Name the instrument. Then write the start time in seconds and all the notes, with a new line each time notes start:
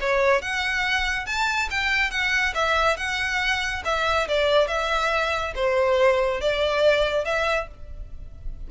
violin
0.00 C#5
0.41 F#5
1.26 A5
1.70 G5
2.10 F#5
2.54 E5
2.97 F#5
3.85 E5
4.28 D5
4.67 E5
5.55 C5
6.41 D5
7.24 E5